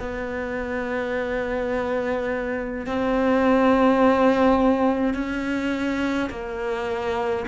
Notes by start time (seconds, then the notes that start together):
0.00 B3
2.87 C4
5.15 C#4
6.30 A#3